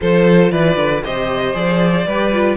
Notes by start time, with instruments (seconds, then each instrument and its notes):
0.00 cello F3, viola F4, violin A4 C5
0.51 cello E3, violin B4 D5
0.76 cello D3
1.03 cello C3, viola G4, violin C5 D#5
1.53 cello F3, viola G#4, violin D5
2.06 cello G3, viola G4, violin B4
2.32 viola F4